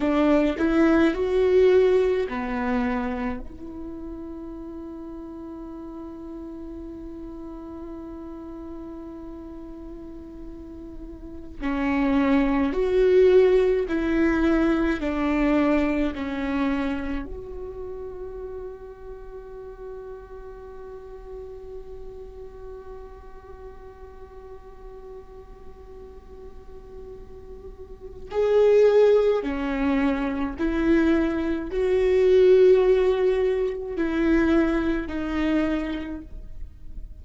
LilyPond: \new Staff \with { instrumentName = "viola" } { \time 4/4 \tempo 4 = 53 d'8 e'8 fis'4 b4 e'4~ | e'1~ | e'2~ e'16 cis'4 fis'8.~ | fis'16 e'4 d'4 cis'4 fis'8.~ |
fis'1~ | fis'1~ | fis'4 gis'4 cis'4 e'4 | fis'2 e'4 dis'4 | }